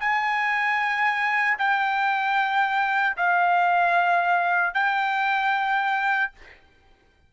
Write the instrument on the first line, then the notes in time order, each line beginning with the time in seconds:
trumpet
0.00 G#5
1.59 G5
3.17 F5
4.74 G5